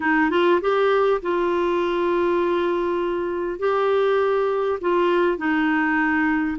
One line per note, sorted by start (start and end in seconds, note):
0.00 0.30 D#4
0.30 0.60 F4
0.61 1.21 G4
1.22 3.59 F4
3.59 4.79 G4
4.81 5.37 F4
5.37 6.57 D#4